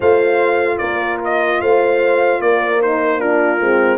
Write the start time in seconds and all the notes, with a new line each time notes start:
0.00 A3 F4 C5 F5
0.78 A#3 A#4 D5
1.24 D#5
1.61 A3 C5 F5
2.40 A#3 A#4 D5
2.80 D#4 C5
3.19 D4 F4 A#4
3.60 G#3 C4